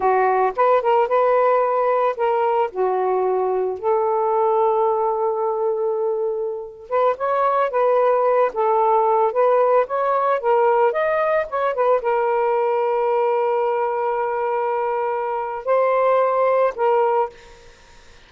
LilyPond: \new Staff \with { instrumentName = "saxophone" } { \time 4/4 \tempo 4 = 111 fis'4 b'8 ais'8 b'2 | ais'4 fis'2 a'4~ | a'1~ | a'8. b'8 cis''4 b'4. a'16~ |
a'4~ a'16 b'4 cis''4 ais'8.~ | ais'16 dis''4 cis''8 b'8 ais'4.~ ais'16~ | ais'1~ | ais'4 c''2 ais'4 | }